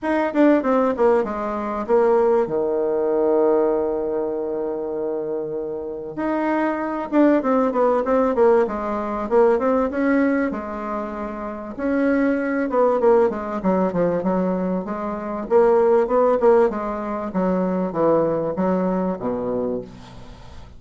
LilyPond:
\new Staff \with { instrumentName = "bassoon" } { \time 4/4 \tempo 4 = 97 dis'8 d'8 c'8 ais8 gis4 ais4 | dis1~ | dis2 dis'4. d'8 | c'8 b8 c'8 ais8 gis4 ais8 c'8 |
cis'4 gis2 cis'4~ | cis'8 b8 ais8 gis8 fis8 f8 fis4 | gis4 ais4 b8 ais8 gis4 | fis4 e4 fis4 b,4 | }